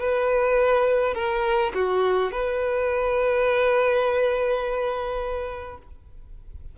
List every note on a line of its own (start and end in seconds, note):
0.00 1.15 B4
1.15 1.73 A#4
1.75 2.32 F#4
2.32 5.78 B4